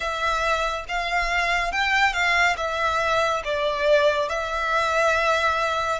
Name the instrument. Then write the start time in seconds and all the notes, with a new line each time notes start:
violin
0.00 E5
0.88 F5
1.71 G5
2.13 F5
2.56 E5
3.44 D5
4.29 E5